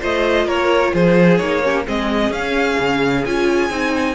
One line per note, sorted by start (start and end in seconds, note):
0.00 0.46 A3
0.00 1.38 F4
0.00 0.46 C5
0.00 0.48 D#5
0.46 0.93 A#3
0.46 0.92 A#4
0.46 0.94 C#5
0.94 1.40 F3
0.94 1.63 G#4
0.94 1.37 C5
1.37 1.86 A#3
1.37 1.61 D#4
1.37 1.83 C#5
1.63 1.85 C#4
1.63 1.86 G4
1.85 2.30 G#3
1.85 2.32 C4
1.85 4.15 G#4
1.85 2.33 D#5
2.30 2.76 C#4
2.30 3.26 C#4
2.30 3.25 F5
2.79 3.25 C#3
3.25 3.70 C#4
3.25 3.70 F4
3.25 4.15 G#5
3.70 4.15 C4
3.70 4.15 D#4